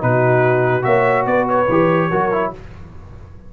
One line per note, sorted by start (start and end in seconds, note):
0.00 0.85 B2
0.00 0.82 D#4
0.00 0.84 F#4
0.00 0.83 B4
0.82 1.26 A#3
0.82 1.65 F#4
0.82 1.26 C#5
0.82 1.25 E5
1.26 1.67 B3
1.26 2.10 B4
1.26 1.47 D5
1.49 2.53 C#5
1.68 2.10 E3
1.68 2.11 G4
2.10 2.53 F#3
2.10 2.32 F#4
2.10 2.52 A#4
2.32 2.52 E4